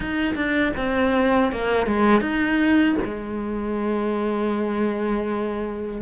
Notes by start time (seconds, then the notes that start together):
0.00 D#4
0.35 D4
0.77 C4
1.52 A#3
1.86 G#3
2.20 D#4
3.04 G#3